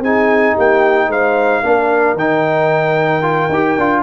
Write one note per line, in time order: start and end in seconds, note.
0.00 0.54 C4
0.00 1.64 D#4
0.00 0.54 G#4
0.00 0.57 G#5
0.54 1.08 A#3
0.54 1.08 G4
0.54 1.12 G5
1.08 1.62 G#3
1.08 1.62 C5
1.08 2.19 F5
1.64 2.14 A#3
1.64 2.17 D4
1.64 4.03 A#4
2.14 3.48 D#3
2.14 3.23 D#4
2.14 4.03 G5
3.23 3.49 F4
3.49 3.76 D#4
3.49 3.80 G4
3.78 4.03 D4
3.78 4.03 F4